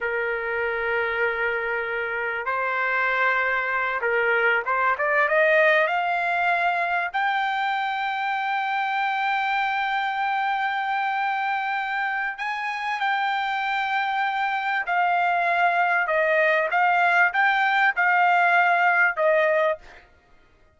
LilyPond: \new Staff \with { instrumentName = "trumpet" } { \time 4/4 \tempo 4 = 97 ais'1 | c''2~ c''8 ais'4 c''8 | d''8 dis''4 f''2 g''8~ | g''1~ |
g''1 | gis''4 g''2. | f''2 dis''4 f''4 | g''4 f''2 dis''4 | }